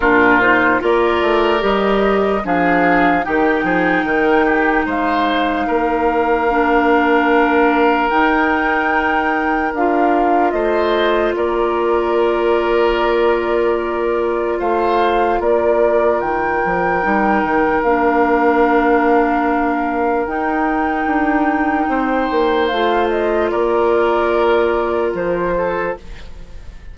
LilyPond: <<
  \new Staff \with { instrumentName = "flute" } { \time 4/4 \tempo 4 = 74 ais'8 c''8 d''4 dis''4 f''4 | g''2 f''2~ | f''2 g''2 | f''4 dis''4 d''2~ |
d''2 f''4 d''4 | g''2 f''2~ | f''4 g''2. | f''8 dis''8 d''2 c''4 | }
  \new Staff \with { instrumentName = "oboe" } { \time 4/4 f'4 ais'2 gis'4 | g'8 gis'8 ais'8 g'8 c''4 ais'4~ | ais'1~ | ais'4 c''4 ais'2~ |
ais'2 c''4 ais'4~ | ais'1~ | ais'2. c''4~ | c''4 ais'2~ ais'8 a'8 | }
  \new Staff \with { instrumentName = "clarinet" } { \time 4/4 d'8 dis'8 f'4 g'4 d'4 | dis'1 | d'2 dis'2 | f'1~ |
f'1~ | f'4 dis'4 d'2~ | d'4 dis'2. | f'1 | }
  \new Staff \with { instrumentName = "bassoon" } { \time 4/4 ais,4 ais8 a8 g4 f4 | dis8 f8 dis4 gis4 ais4~ | ais2 dis'2 | d'4 a4 ais2~ |
ais2 a4 ais4 | dis8 f8 g8 dis8 ais2~ | ais4 dis'4 d'4 c'8 ais8 | a4 ais2 f4 | }
>>